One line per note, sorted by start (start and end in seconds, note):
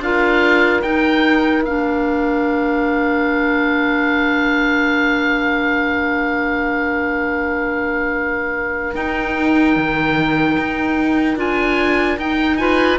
0.00 0.81 D4
0.00 0.84 F4
0.00 12.61 A#4
0.00 0.83 F5
0.83 1.65 D#4
0.83 1.64 G5
1.65 8.95 A#3
1.65 8.95 D4
1.65 8.95 F5
8.95 11.37 D#4
8.95 9.76 D#4
8.95 11.38 G5
9.76 10.57 D#3
10.58 11.37 D#4
11.37 12.18 D4
11.37 12.18 F4
11.37 12.20 G#5
12.18 12.99 D#4
12.18 12.59 D#4
12.18 12.57 G5
12.57 12.99 F4
12.57 13.00 B4
12.57 12.98 G#5